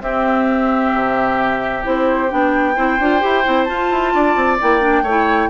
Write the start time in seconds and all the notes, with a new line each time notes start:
0.00 C4 G4 E5
0.94 C3
1.83 C4 E4 C5
2.29 B3 D4 G5
2.75 C4 E4 C5
2.99 D4 F4
3.20 E4 G4
3.45 C4 E4
3.65 F4 A5
3.91 E4
4.14 D4 D5
4.36 C4
4.60 A#3 E4 G5
4.81 D4
5.03 A3 C#5
5.09 E4